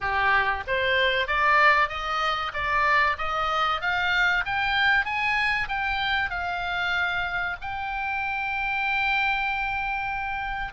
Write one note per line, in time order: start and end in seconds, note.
0.00 0.63 G4
0.67 1.27 C5
1.27 1.89 D5
1.89 2.52 D#5
2.53 3.16 D5
3.18 3.81 D#5
3.81 4.44 F5
4.45 5.05 G5
5.05 5.68 G#5
5.68 6.30 G5
6.30 7.56 F5
7.61 10.73 G5